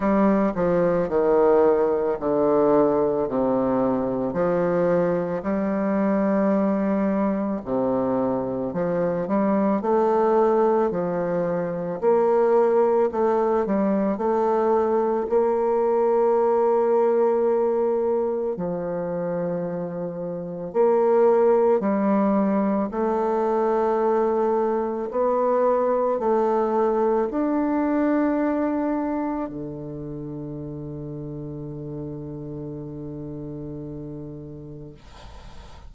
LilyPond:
\new Staff \with { instrumentName = "bassoon" } { \time 4/4 \tempo 4 = 55 g8 f8 dis4 d4 c4 | f4 g2 c4 | f8 g8 a4 f4 ais4 | a8 g8 a4 ais2~ |
ais4 f2 ais4 | g4 a2 b4 | a4 d'2 d4~ | d1 | }